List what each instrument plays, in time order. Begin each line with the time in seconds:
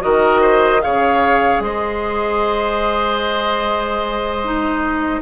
0.00 bassoon D#3, clarinet F#4, oboe A#4, flute D#5
0.41 oboe C5
0.81 bassoon C#3, clarinet G#4, oboe C#5, flute F5
1.60 bassoon G#3, oboe C5, flute D#5
4.44 clarinet D#4